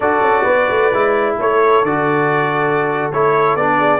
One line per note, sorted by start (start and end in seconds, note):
0.00 0.20 D4
0.00 0.93 F#4
0.00 0.43 A4
0.00 1.36 D5
0.21 0.44 C#4
0.43 0.69 B3
0.43 1.35 B4
0.69 0.92 A3
0.92 1.38 G#3
0.92 1.85 E4
1.37 1.82 A3
1.37 3.78 A4
1.37 1.84 C#5
1.82 3.09 D3
1.82 3.13 F#4
1.82 3.11 D5
3.11 3.55 A3
3.11 3.59 E4
3.11 3.56 C#5
3.55 4.00 B3
3.55 4.00 D4
3.55 4.00 D5
3.78 4.00 G#4